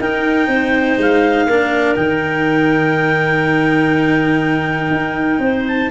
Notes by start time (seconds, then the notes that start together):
0.00 D#4 A#4 G5
0.48 C4 C5
0.98 G#3 F5
1.47 A#3 D4 A#4
1.96 D#3 D#4 G5
4.91 D#4
5.39 C4 C5
5.68 A5